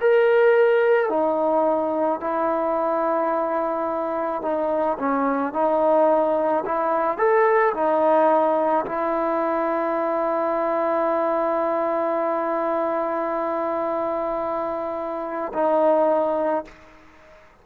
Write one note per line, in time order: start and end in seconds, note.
0.00 1.09 A#4
1.09 2.20 D#4
2.20 4.42 E4
4.42 4.97 D#4
4.98 5.53 C#4
5.53 6.64 D#4
6.65 7.17 E4
7.17 7.73 A4
7.74 8.85 D#4
8.85 15.52 E4
15.54 16.65 D#4